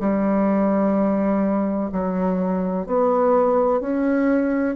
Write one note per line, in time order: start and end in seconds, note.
0.00 1.90 G3
1.92 2.86 F#3
2.86 3.81 B3
3.81 4.76 C#4